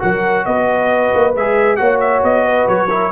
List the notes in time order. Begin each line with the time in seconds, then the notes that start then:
0.00 F#3 F#4 A#4 F#5
0.46 B3 B4 D#5
1.15 A#3
1.36 G#3 G#4 E5
1.77 A#3 F#4 C#5 F#5
2.01 E5
2.23 B3 D#5
2.46 B4
2.68 F#3 C#5
2.89 E4 A#4